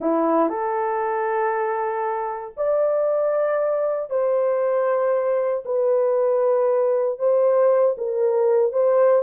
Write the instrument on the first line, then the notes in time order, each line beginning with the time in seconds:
horn
0.00 E4
0.49 A4
2.56 D5
4.10 C5
5.65 B4
7.18 C5
7.97 A#4
8.72 C5